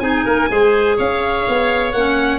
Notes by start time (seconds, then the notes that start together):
0.00 C4 D#4 G#4 G#5
0.25 A#3 A#4
0.49 G#3 G#4 C5
0.97 C#4 C#5 F5
1.49 B3
1.92 A#3 C#4 F#5